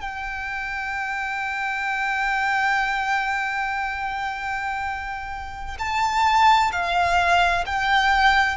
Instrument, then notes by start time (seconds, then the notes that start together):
violin
0.00 G5
5.79 A5
6.72 F5
7.66 G5